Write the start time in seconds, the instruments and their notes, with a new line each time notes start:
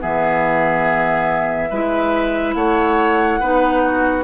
0.00 bassoon E3, clarinet B3, oboe G#4, flute E5
1.70 bassoon G#3, clarinet E4, oboe B4
2.55 bassoon A3, oboe C#5, flute F#5
3.40 bassoon B3, clarinet D#4, oboe B4
3.85 oboe F#4